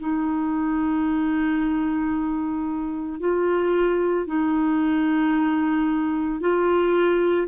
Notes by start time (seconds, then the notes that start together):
0.00 D#4
3.20 F4
4.27 D#4
6.41 F4